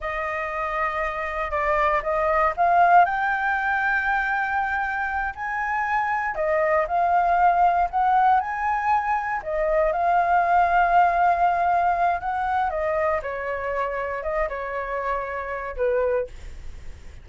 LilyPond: \new Staff \with { instrumentName = "flute" } { \time 4/4 \tempo 4 = 118 dis''2. d''4 | dis''4 f''4 g''2~ | g''2~ g''8 gis''4.~ | gis''8 dis''4 f''2 fis''8~ |
fis''8 gis''2 dis''4 f''8~ | f''1 | fis''4 dis''4 cis''2 | dis''8 cis''2~ cis''8 b'4 | }